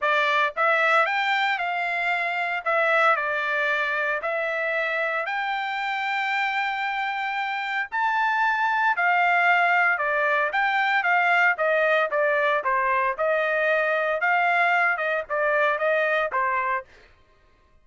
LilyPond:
\new Staff \with { instrumentName = "trumpet" } { \time 4/4 \tempo 4 = 114 d''4 e''4 g''4 f''4~ | f''4 e''4 d''2 | e''2 g''2~ | g''2. a''4~ |
a''4 f''2 d''4 | g''4 f''4 dis''4 d''4 | c''4 dis''2 f''4~ | f''8 dis''8 d''4 dis''4 c''4 | }